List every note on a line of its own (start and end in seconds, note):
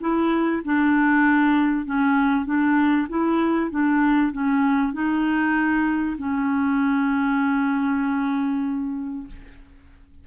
0.00 0.62 E4
0.64 1.85 D4
1.85 2.45 C#4
2.45 3.07 D4
3.09 3.70 E4
3.70 4.32 D4
4.32 4.93 C#4
4.93 6.16 D#4
6.17 9.27 C#4